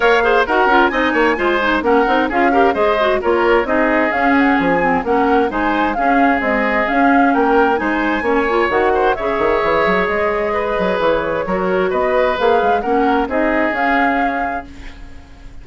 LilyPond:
<<
  \new Staff \with { instrumentName = "flute" } { \time 4/4 \tempo 4 = 131 f''4 fis''4 gis''2 | fis''4 f''4 dis''4 cis''4 | dis''4 f''8 fis''8 gis''4 fis''4 | gis''4 f''4 dis''4 f''4 |
g''4 gis''2 fis''4 | e''2 dis''2 | cis''2 dis''4 f''4 | fis''4 dis''4 f''2 | }
  \new Staff \with { instrumentName = "oboe" } { \time 4/4 cis''8 c''8 ais'4 dis''8 cis''8 c''4 | ais'4 gis'8 ais'8 c''4 ais'4 | gis'2. ais'4 | c''4 gis'2. |
ais'4 c''4 cis''4. c''8 | cis''2. b'4~ | b'4 ais'4 b'2 | ais'4 gis'2. | }
  \new Staff \with { instrumentName = "clarinet" } { \time 4/4 ais'8 gis'8 fis'8 f'8 dis'4 f'8 dis'8 | cis'8 dis'8 f'8 g'8 gis'8 fis'8 f'4 | dis'4 cis'4. c'8 cis'4 | dis'4 cis'4 gis4 cis'4~ |
cis'4 dis'4 cis'8 f'8 fis'4 | gis'1~ | gis'4 fis'2 gis'4 | cis'4 dis'4 cis'2 | }
  \new Staff \with { instrumentName = "bassoon" } { \time 4/4 ais4 dis'8 cis'8 c'8 ais8 gis4 | ais8 c'8 cis'4 gis4 ais4 | c'4 cis'4 f4 ais4 | gis4 cis'4 c'4 cis'4 |
ais4 gis4 ais4 dis4 | cis8 dis8 e8 fis8 gis4. fis8 | e4 fis4 b4 ais8 gis8 | ais4 c'4 cis'2 | }
>>